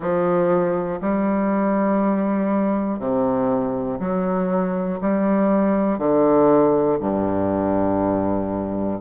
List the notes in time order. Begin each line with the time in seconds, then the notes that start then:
0.00 F3
1.00 G3
2.99 C3
4.00 F#3
5.00 G3
5.98 D3
7.00 G2